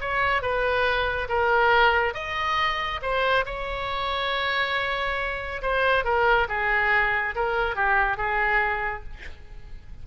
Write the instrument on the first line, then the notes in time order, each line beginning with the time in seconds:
oboe
0.00 C#5
0.42 B4
1.29 A#4
2.14 D#5
3.02 C5
3.46 C#5
5.62 C5
6.04 A#4
6.48 G#4
7.35 A#4
7.76 G4
8.17 G#4